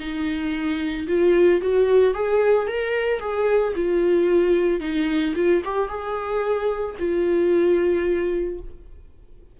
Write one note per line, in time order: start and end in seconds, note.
0.00 1.07 D#4
1.08 1.61 F4
1.61 2.14 F#4
2.14 2.68 G#4
2.68 3.20 A#4
3.20 3.74 G#4
3.76 4.80 F4
4.80 5.34 D#4
5.35 5.62 F4
5.65 5.89 G4
5.89 6.96 G#4
6.99 8.60 F4